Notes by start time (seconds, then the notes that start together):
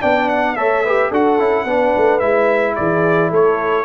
0.00 B3 D4 D5 G5
0.29 F#5
0.56 A3 A4 C#5 E5
0.85 G4 B4
1.10 D4 F#4 A4 F#5
1.39 C#4 E4
1.65 B3 D4 B4
1.97 A3
2.20 G#3 E4 E5
2.76 E3 G#4 D5
3.30 A3 A4 C#5